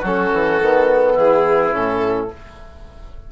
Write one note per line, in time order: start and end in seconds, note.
0.00 0.31 F#3
0.00 0.62 C#4
0.00 1.13 F#4
0.00 1.18 A4
0.33 0.61 E3
0.61 1.17 D#3
0.61 1.71 B3
1.14 1.74 E3
1.14 2.27 E4
1.14 1.75 G#4
1.71 2.31 A2
1.71 2.28 C#4
1.71 2.31 A4